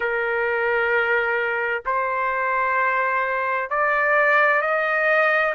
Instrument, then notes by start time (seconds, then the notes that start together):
trumpet
0.00 A#4
1.85 C5
3.69 D5
4.62 D#5